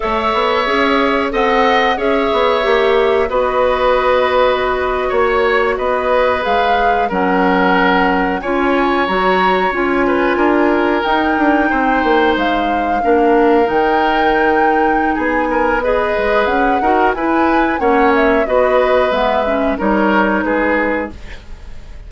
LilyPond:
<<
  \new Staff \with { instrumentName = "flute" } { \time 4/4 \tempo 4 = 91 e''2 fis''4 e''4~ | e''4 dis''2~ dis''8. cis''16~ | cis''8. dis''4 f''4 fis''4~ fis''16~ | fis''8. gis''4 ais''4 gis''4~ gis''16~ |
gis''8. g''2 f''4~ f''16~ | f''8. g''2~ g''16 gis''4 | dis''4 fis''4 gis''4 fis''8 e''8 | dis''4 e''4 cis''4 b'4 | }
  \new Staff \with { instrumentName = "oboe" } { \time 4/4 cis''2 dis''4 cis''4~ | cis''4 b'2~ b'8. cis''16~ | cis''8. b'2 ais'4~ ais'16~ | ais'8. cis''2~ cis''8 b'8 ais'16~ |
ais'4.~ ais'16 c''2 ais'16~ | ais'2. gis'8 ais'8 | b'4. ais'8 b'4 cis''4 | b'2 ais'4 gis'4 | }
  \new Staff \with { instrumentName = "clarinet" } { \time 4/4 a'4 gis'4 a'4 gis'4 | g'4 fis'2.~ | fis'4.~ fis'16 gis'4 cis'4~ cis'16~ | cis'8. f'4 fis'4 f'4~ f'16~ |
f'8. dis'2. d'16~ | d'8. dis'2.~ dis'16 | gis'4. fis'8 e'4 cis'4 | fis'4 b8 cis'8 dis'2 | }
  \new Staff \with { instrumentName = "bassoon" } { \time 4/4 a8 b8 cis'4 c'4 cis'8 b8 | ais4 b2~ b8. ais16~ | ais8. b4 gis4 fis4~ fis16~ | fis8. cis'4 fis4 cis'4 d'16~ |
d'8. dis'8 d'8 c'8 ais8 gis4 ais16~ | ais8. dis2~ dis16 b4~ | b8 gis8 cis'8 dis'8 e'4 ais4 | b4 gis4 g4 gis4 | }
>>